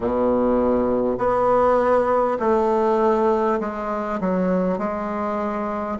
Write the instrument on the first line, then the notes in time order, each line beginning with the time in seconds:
bassoon
0.00 B2
1.18 B3
2.39 A3
3.60 G#3
4.20 F#3
4.78 G#3